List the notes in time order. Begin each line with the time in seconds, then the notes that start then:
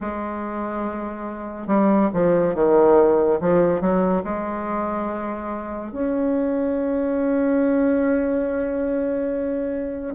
0.00 G#3
1.67 G3
2.13 F3
2.55 D#3
3.40 F3
3.80 F#3
4.24 G#3
5.92 C#4